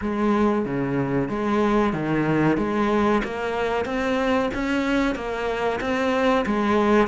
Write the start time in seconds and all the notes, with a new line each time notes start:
0.01 G#3
0.65 C#3
1.28 G#3
1.93 D#3
2.57 G#3
3.24 A#3
3.85 C4
4.53 C#4
5.15 A#3
5.80 C4
6.46 G#3